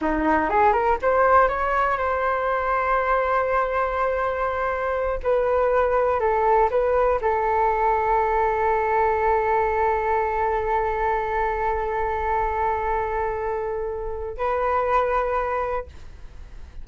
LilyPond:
\new Staff \with { instrumentName = "flute" } { \time 4/4 \tempo 4 = 121 dis'4 gis'8 ais'8 c''4 cis''4 | c''1~ | c''2~ c''8 b'4.~ | b'8 a'4 b'4 a'4.~ |
a'1~ | a'1~ | a'1~ | a'4 b'2. | }